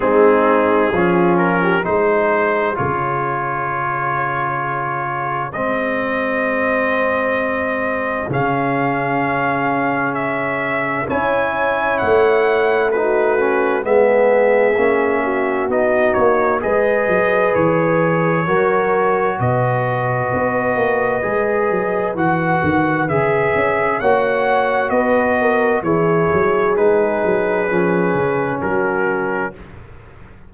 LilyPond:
<<
  \new Staff \with { instrumentName = "trumpet" } { \time 4/4 \tempo 4 = 65 gis'4. ais'8 c''4 cis''4~ | cis''2 dis''2~ | dis''4 f''2 e''4 | gis''4 fis''4 b'4 e''4~ |
e''4 dis''8 cis''8 dis''4 cis''4~ | cis''4 dis''2. | fis''4 e''4 fis''4 dis''4 | cis''4 b'2 ais'4 | }
  \new Staff \with { instrumentName = "horn" } { \time 4/4 dis'4 f'8. g'16 gis'2~ | gis'1~ | gis'1 | cis''2 fis'4 gis'4~ |
gis'8 fis'4. b'2 | ais'4 b'2.~ | b'2 cis''4 b'8 ais'8 | gis'2. fis'4 | }
  \new Staff \with { instrumentName = "trombone" } { \time 4/4 c'4 cis'4 dis'4 f'4~ | f'2 c'2~ | c'4 cis'2. | e'2 dis'8 cis'8 b4 |
cis'4 dis'4 gis'2 | fis'2. gis'4 | fis'4 gis'4 fis'2 | e'4 dis'4 cis'2 | }
  \new Staff \with { instrumentName = "tuba" } { \time 4/4 gis4 f4 gis4 cis4~ | cis2 gis2~ | gis4 cis2. | cis'4 a2 gis4 |
ais4 b8 ais8 gis8 fis8 e4 | fis4 b,4 b8 ais8 gis8 fis8 | e8 dis8 cis8 cis'8 ais4 b4 | e8 fis8 gis8 fis8 f8 cis8 fis4 | }
>>